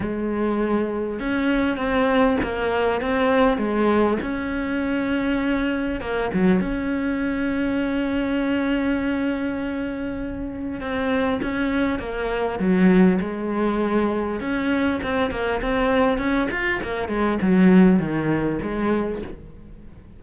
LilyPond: \new Staff \with { instrumentName = "cello" } { \time 4/4 \tempo 4 = 100 gis2 cis'4 c'4 | ais4 c'4 gis4 cis'4~ | cis'2 ais8 fis8 cis'4~ | cis'1~ |
cis'2 c'4 cis'4 | ais4 fis4 gis2 | cis'4 c'8 ais8 c'4 cis'8 f'8 | ais8 gis8 fis4 dis4 gis4 | }